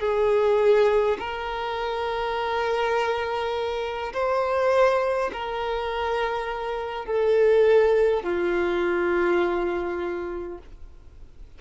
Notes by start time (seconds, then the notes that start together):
0.00 G#4
1.19 A#4
4.13 C5
5.33 A#4
7.06 A4
8.24 F4